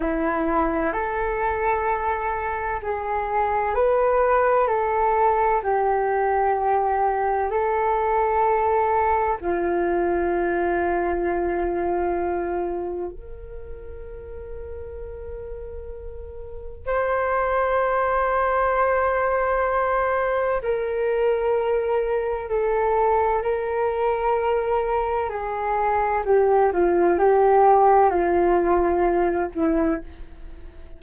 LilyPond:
\new Staff \with { instrumentName = "flute" } { \time 4/4 \tempo 4 = 64 e'4 a'2 gis'4 | b'4 a'4 g'2 | a'2 f'2~ | f'2 ais'2~ |
ais'2 c''2~ | c''2 ais'2 | a'4 ais'2 gis'4 | g'8 f'8 g'4 f'4. e'8 | }